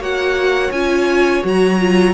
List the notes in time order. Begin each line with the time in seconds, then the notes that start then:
0.00 A#3 F#4 C#5 F#5
0.72 C#4 F4 G#5
1.43 F#3 F#4 A#5
1.79 F4